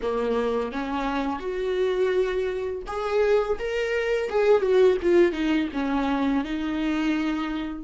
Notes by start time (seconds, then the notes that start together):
0.02 A#3
0.72 C#4
1.39 F#4
2.86 G#4
3.58 A#4
4.29 G#4
4.61 F#4
5.02 F4
5.32 D#4
5.73 C#4
6.44 D#4